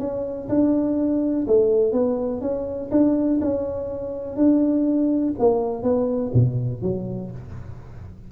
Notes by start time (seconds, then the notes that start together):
0.00 C#4
0.49 D4
1.48 A3
1.93 B3
2.41 C#4
2.91 D4
3.41 C#4
4.37 D4
5.39 A#3
5.83 B3
6.34 B2
6.82 F#3